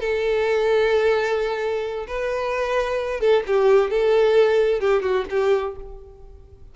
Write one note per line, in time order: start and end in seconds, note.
0.00 2.06 A4
2.07 3.20 B4
3.20 3.43 A4
3.47 3.90 G4
3.90 4.80 A4
4.80 5.02 G4
5.02 5.25 F#4
5.30 5.76 G4